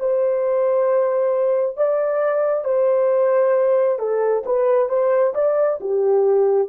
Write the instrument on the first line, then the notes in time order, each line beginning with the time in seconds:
horn
0.00 C5
1.77 D5
2.65 C5
3.99 A4
4.46 B4
4.89 C5
5.35 D5
5.81 G4